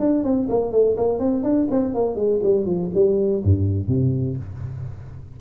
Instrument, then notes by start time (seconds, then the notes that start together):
tuba
0.00 D4
0.24 C4
0.50 A#3
0.72 A3
0.97 A#3
1.20 C4
1.44 D4
1.71 C4
1.95 A#3
2.16 G#3
2.43 G3
2.66 F3
2.95 G3
3.44 G2
3.88 C3